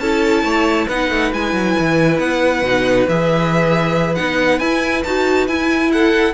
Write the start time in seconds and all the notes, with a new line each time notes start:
0.00 C#4 E4 A4 A5
0.43 A3 C#5
0.88 B3 D#4 B4 F#5
1.10 A3
1.33 G#3 E4 G#5
1.53 F#3
1.79 E3
2.19 B3 F#5
2.63 B2 D#4
3.09 E3 G#4 E5
4.15 B3 D#4 F#5
4.59 E4 G#5
5.04 D#4 F#4 A5
5.48 E4 G#5
5.93 A4 F#5